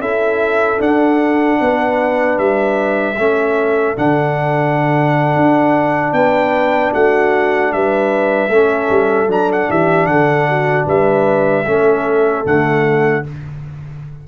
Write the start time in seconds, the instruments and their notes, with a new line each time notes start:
0.00 tuba C#4, trombone E4, horn A4, trumpet E5
0.79 trombone D4, tuba D4, trumpet F#5
1.61 tuba B3, horn B4
2.38 tuba G3, trumpet E5
3.18 tuba A3, trombone C#4, horn A4
3.96 tuba D3, trombone D4, trumpet F#5
5.36 tuba D4
6.13 tuba B3, horn B4, trumpet G5
6.93 tuba A3, horn F#4, trumpet F#5
7.73 tuba G3, horn B4, trumpet E5
8.49 tuba A3, trombone C#4, horn A4
8.90 tuba G3
9.28 tuba F#3, trombone D4, trumpet A#5
9.52 trumpet F#5
9.70 tuba E3, horn G4, trumpet E5
10.07 tuba D3, horn A4, trumpet F#5
10.49 horn F#4
10.87 tuba G3, horn B4, trumpet E5
11.66 tuba A3, trombone C#4, horn A4
12.45 tuba D3, trombone A3, trumpet F#5